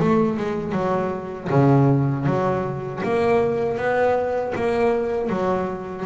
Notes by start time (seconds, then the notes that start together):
0.00 A3
0.37 G#3
0.72 F#3
1.50 C#3
2.26 F#3
3.03 A#3
3.78 B3
4.55 A#3
5.30 F#3